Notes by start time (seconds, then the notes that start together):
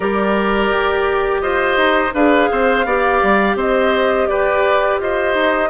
0.00 G3 G4 A#4 D5
0.71 G4
1.40 F4 C5 D#5
1.77 D#4
2.13 D4 G#4 B4 F5
2.51 C4 C5
2.85 B3 G4 D5
3.22 G3
3.55 C4 C5 D#5
4.27 G4 B4 D5
5.00 F4 C5 D#5
5.34 D#4